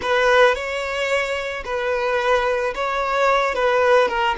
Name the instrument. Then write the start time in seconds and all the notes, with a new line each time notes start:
violin
0.01 B4
0.54 C#5
1.65 B4
2.74 C#5
3.54 B4
4.08 A#4